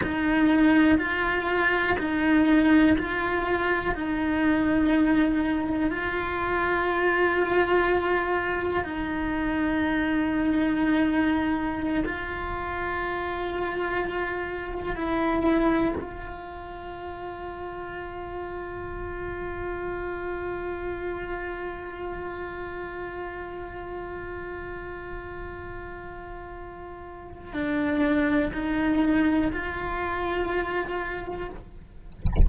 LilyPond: \new Staff \with { instrumentName = "cello" } { \time 4/4 \tempo 4 = 61 dis'4 f'4 dis'4 f'4 | dis'2 f'2~ | f'4 dis'2.~ | dis'16 f'2. e'8.~ |
e'16 f'2.~ f'8.~ | f'1~ | f'1 | d'4 dis'4 f'2 | }